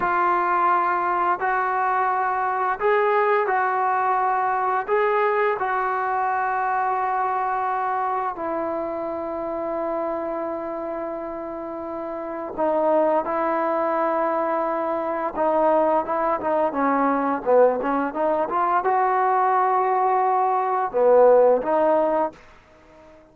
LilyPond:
\new Staff \with { instrumentName = "trombone" } { \time 4/4 \tempo 4 = 86 f'2 fis'2 | gis'4 fis'2 gis'4 | fis'1 | e'1~ |
e'2 dis'4 e'4~ | e'2 dis'4 e'8 dis'8 | cis'4 b8 cis'8 dis'8 f'8 fis'4~ | fis'2 b4 dis'4 | }